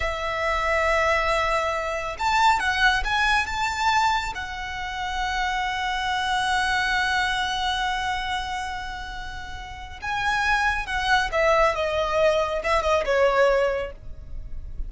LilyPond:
\new Staff \with { instrumentName = "violin" } { \time 4/4 \tempo 4 = 138 e''1~ | e''4 a''4 fis''4 gis''4 | a''2 fis''2~ | fis''1~ |
fis''1~ | fis''2. gis''4~ | gis''4 fis''4 e''4 dis''4~ | dis''4 e''8 dis''8 cis''2 | }